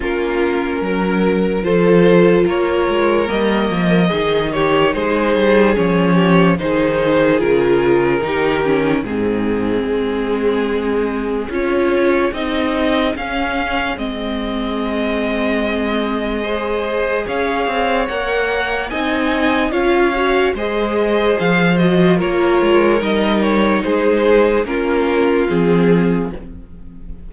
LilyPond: <<
  \new Staff \with { instrumentName = "violin" } { \time 4/4 \tempo 4 = 73 ais'2 c''4 cis''4 | dis''4. cis''8 c''4 cis''4 | c''4 ais'2 gis'4~ | gis'2 cis''4 dis''4 |
f''4 dis''2.~ | dis''4 f''4 fis''4 gis''4 | f''4 dis''4 f''8 dis''8 cis''4 | dis''8 cis''8 c''4 ais'4 gis'4 | }
  \new Staff \with { instrumentName = "violin" } { \time 4/4 f'4 ais'4 a'4 ais'4~ | ais'4 gis'8 g'8 gis'4. g'8 | gis'2 g'4 gis'4~ | gis'1~ |
gis'1 | c''4 cis''2 dis''4 | cis''4 c''2 ais'4~ | ais'4 gis'4 f'2 | }
  \new Staff \with { instrumentName = "viola" } { \time 4/4 cis'2 f'2 | ais4 dis'2 cis'4 | dis'4 f'4 dis'8 cis'8 c'4~ | c'2 f'4 dis'4 |
cis'4 c'2. | gis'2 ais'4 dis'4 | f'8 fis'8 gis'4. fis'8 f'4 | dis'2 cis'4 c'4 | }
  \new Staff \with { instrumentName = "cello" } { \time 4/4 ais4 fis4 f4 ais8 gis8 | g8 f8 dis4 gis8 g8 f4 | dis4 cis4 dis4 gis,4 | gis2 cis'4 c'4 |
cis'4 gis2.~ | gis4 cis'8 c'8 ais4 c'4 | cis'4 gis4 f4 ais8 gis8 | g4 gis4 ais4 f4 | }
>>